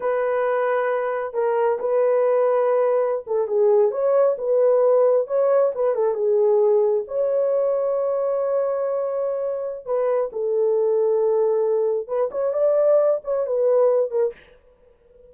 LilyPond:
\new Staff \with { instrumentName = "horn" } { \time 4/4 \tempo 4 = 134 b'2. ais'4 | b'2.~ b'16 a'8 gis'16~ | gis'8. cis''4 b'2 cis''16~ | cis''8. b'8 a'8 gis'2 cis''16~ |
cis''1~ | cis''2 b'4 a'4~ | a'2. b'8 cis''8 | d''4. cis''8 b'4. ais'8 | }